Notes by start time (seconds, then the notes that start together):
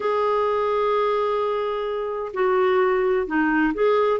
0.00 G#4
2.33 F#4
3.26 D#4
3.74 G#4